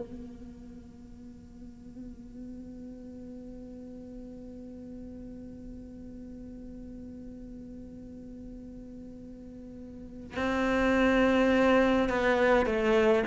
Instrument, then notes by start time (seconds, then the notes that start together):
cello
0.00 B3
10.37 C4
12.09 B3
12.66 A3